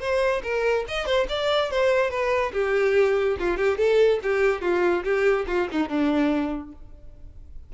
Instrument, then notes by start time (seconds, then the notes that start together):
violin
0.00 C5
0.43 A#4
0.88 D#5
1.06 C5
1.29 D5
1.71 C5
2.10 B4
2.53 G4
3.39 F4
3.57 G4
3.77 A4
4.23 G4
4.62 F4
5.04 G4
5.47 F4
5.71 D#4
5.89 D4